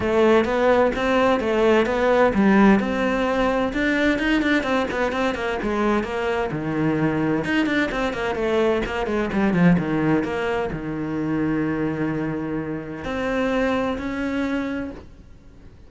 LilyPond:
\new Staff \with { instrumentName = "cello" } { \time 4/4 \tempo 4 = 129 a4 b4 c'4 a4 | b4 g4 c'2 | d'4 dis'8 d'8 c'8 b8 c'8 ais8 | gis4 ais4 dis2 |
dis'8 d'8 c'8 ais8 a4 ais8 gis8 | g8 f8 dis4 ais4 dis4~ | dis1 | c'2 cis'2 | }